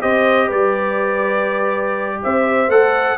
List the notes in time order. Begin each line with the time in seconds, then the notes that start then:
0.00 C4 G4 C5 D#5
0.47 G3 B4 D5
2.23 C4 C5 E5
2.68 A3 A4 F#5